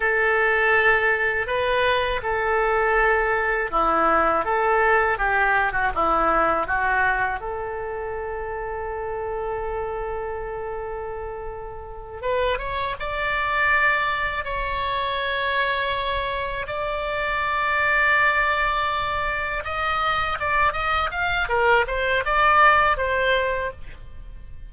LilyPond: \new Staff \with { instrumentName = "oboe" } { \time 4/4 \tempo 4 = 81 a'2 b'4 a'4~ | a'4 e'4 a'4 g'8. fis'16 | e'4 fis'4 a'2~ | a'1~ |
a'8 b'8 cis''8 d''2 cis''8~ | cis''2~ cis''8 d''4.~ | d''2~ d''8 dis''4 d''8 | dis''8 f''8 ais'8 c''8 d''4 c''4 | }